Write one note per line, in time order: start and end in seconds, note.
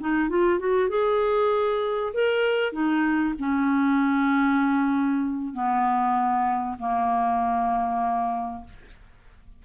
0.00 0.30 D#4
0.30 0.59 F4
0.59 0.89 F#4
0.89 2.13 G#4
2.14 2.73 A#4
2.73 3.35 D#4
3.39 5.54 C#4
5.54 6.78 B3
6.79 8.65 A#3